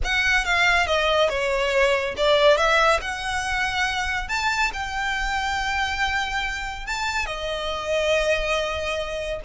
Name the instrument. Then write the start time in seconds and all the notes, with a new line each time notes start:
violin
0.04 F#5
0.45 F5
0.86 D#5
1.29 C#5
2.16 D5
2.57 E5
3.01 F#5
4.28 A5
4.73 G5
6.86 A5
7.25 D#5